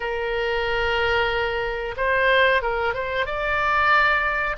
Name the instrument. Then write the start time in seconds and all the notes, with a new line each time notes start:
oboe
0.00 A#4
1.96 C5
2.62 A#4
2.94 C5
3.25 D5